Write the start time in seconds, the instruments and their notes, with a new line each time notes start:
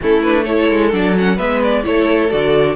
0.00 cello A3, viola C#4, violin E4 A4
0.23 viola D4, violin B4
0.44 viola E4, violin A4 C#5
0.70 cello G#3
0.91 cello F#3, viola D4, violin D5
1.17 viola C#4, violin F#5
1.35 cello G#3, viola B3, violin B4 E5
1.63 violin D5
1.83 cello A3, viola E4, violin A4 C#5
2.29 cello D3, viola F#4, violin D5